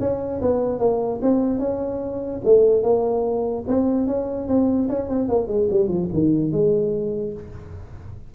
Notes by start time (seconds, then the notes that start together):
0.00 C#4
0.42 B3
0.79 A#3
1.22 C4
1.59 C#4
2.45 A3
2.83 A#3
3.68 C4
4.07 C#4
4.48 C4
4.89 C#4
5.09 C4
5.29 A#3
5.48 G#3
5.71 G3
5.88 F3
6.13 D#3
6.52 G#3